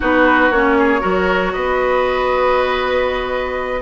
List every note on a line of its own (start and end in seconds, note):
0.00 0.50 B3
0.00 0.51 D#4
0.00 0.77 F#4
0.00 0.51 B4
0.50 1.01 A#3
0.50 0.99 C#4
0.50 1.53 C#5
0.78 1.00 G#4
0.99 1.54 F#3
0.99 3.81 F#4
0.99 1.51 A#4
1.53 3.81 B3
1.53 3.81 B4
1.53 3.81 D#5